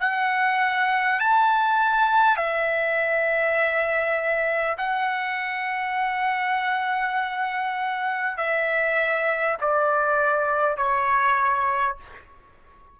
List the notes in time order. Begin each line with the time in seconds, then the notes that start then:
0.00 F#5
1.19 A5
2.37 E5
4.78 F#5
8.37 E5
9.61 D5
10.77 C#5